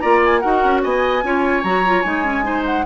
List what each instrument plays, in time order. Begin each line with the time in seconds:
0.00 bassoon A#3, clarinet F4, oboe D5, flute A#5
0.25 flute G#5
0.39 bassoon D#4, clarinet F#4, oboe A#4, flute F#5
0.64 bassoon C#4
0.83 bassoon B3, oboe D#5, flute G#5
1.23 bassoon C#4, clarinet F4, oboe C#5
1.63 bassoon F#3, clarinet F#4, flute A#5
1.86 clarinet F4
2.01 bassoon G#3, clarinet D#4, flute G#5
2.24 clarinet C#4
2.43 clarinet D#4, oboe C5
2.66 flute F#5